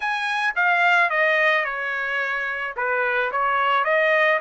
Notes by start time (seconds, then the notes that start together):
0.00 G#5
0.55 F5
1.10 D#5
1.64 C#5
2.76 B4
3.31 C#5
3.84 D#5